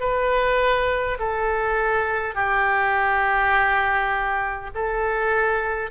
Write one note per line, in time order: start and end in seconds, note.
0.00 1.18 B4
1.19 2.35 A4
2.35 4.70 G4
4.75 5.90 A4